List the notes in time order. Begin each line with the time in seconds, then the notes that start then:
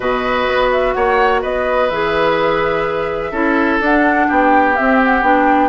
0.00 B2 F#4 B4 D#5
0.47 B3
0.71 E5
0.93 A#3 C#5 F#5
1.41 B3 B4 D#5
1.89 E3 G#4 E5
3.31 C#4 E4 A4
3.80 D4 F#5
4.28 B3 G4 G5
4.75 C4 E5
5.04 F#5
5.21 B3 D4 G5